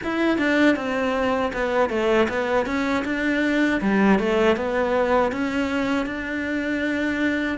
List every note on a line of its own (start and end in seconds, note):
0.03 0.38 E4
0.38 0.76 D4
0.76 1.52 C4
1.53 1.89 B3
1.89 2.27 A3
2.28 2.66 B3
2.66 3.04 C#4
3.04 3.80 D4
3.81 4.19 G3
4.19 4.56 A3
4.56 5.32 B3
5.32 6.06 C#4
6.06 7.57 D4